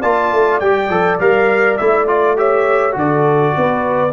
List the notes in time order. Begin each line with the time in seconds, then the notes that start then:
0.00 A#3 F4 D5 A5
0.32 A3
0.60 G3 G4 G5
0.89 F3 A4
1.20 G3 A#4 F5
1.77 A3 E4 E5
2.08 F4 D5
2.37 G4 C#5 E5
2.92 D3 F#4
2.98 A4 D5
3.57 B3 B4